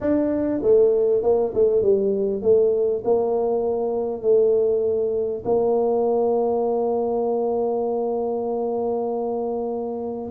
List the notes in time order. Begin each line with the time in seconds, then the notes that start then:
0.00 D4
0.62 A3
1.23 A#3
1.54 A3
1.82 G3
2.42 A3
3.04 A#3
4.21 A3
5.45 A#3